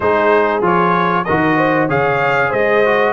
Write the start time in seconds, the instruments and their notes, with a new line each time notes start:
0.00 tuba G#3, trombone D#4, horn G#4, trumpet C5
0.61 tuba F3, trombone F4, trumpet C#5
1.24 tuba D#3, trombone F#4, horn A#4, trumpet D#5
1.57 horn C5
1.88 tuba C#3, trombone G#4, horn C#5, trumpet F5
2.49 tuba G#3, horn C5, trumpet D#5
2.85 trombone F#4